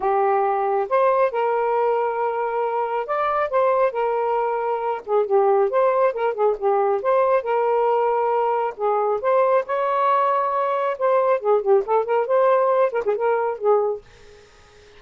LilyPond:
\new Staff \with { instrumentName = "saxophone" } { \time 4/4 \tempo 4 = 137 g'2 c''4 ais'4~ | ais'2. d''4 | c''4 ais'2~ ais'8 gis'8 | g'4 c''4 ais'8 gis'8 g'4 |
c''4 ais'2. | gis'4 c''4 cis''2~ | cis''4 c''4 gis'8 g'8 a'8 ais'8 | c''4. ais'16 gis'16 ais'4 gis'4 | }